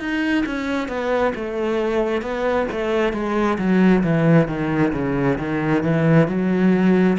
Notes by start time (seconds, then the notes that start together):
0.00 D#4
0.46 C#4
0.88 B3
1.35 A3
2.22 B3
2.71 A3
3.13 G#3
3.58 F#3
4.03 E3
4.48 D#3
4.93 C#3
5.38 D#3
5.83 E3
6.28 F#3